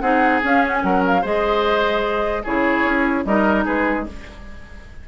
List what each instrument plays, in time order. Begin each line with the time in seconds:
0.00 bassoon C4, clarinet D#4, oboe G#4, flute F#5
0.43 clarinet C#4, bassoon C#4, flute F5
0.67 flute F#5
0.74 flute G#5
0.83 bassoon F#3, oboe A#4, flute F#5
1.06 flute F5
1.21 bassoon G#3, clarinet G#4, oboe C5, flute D#5
2.43 bassoon C#3, clarinet E4, oboe G#4, flute C#5
2.84 bassoon C#4
3.25 bassoon G3, clarinet D#4, oboe A#4, flute D#5
3.64 bassoon G#3, oboe G#4, flute B4